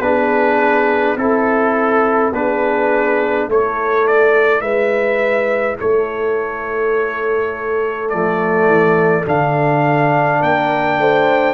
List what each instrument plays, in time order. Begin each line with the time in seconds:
0.00 tuba B3, trombone D4, horn G#4, trumpet B4
1.16 tuba C4, trombone E4, trumpet A4, horn A4
2.32 tuba B3, trombone D4, horn G#4, trumpet B4
3.49 tuba A3, trombone E4, horn A4, trumpet C#5
4.08 trumpet D5
4.61 tuba G#3, horn B4, trumpet E5
5.80 tuba A3, horn A4, trumpet C#5
8.10 tuba F3, trombone A3, trumpet D5
8.67 tuba E3
9.25 tuba D3, trombone D4, trumpet F5
10.40 tuba A#3, horn A#4, trumpet G5
10.99 tuba A3, horn C5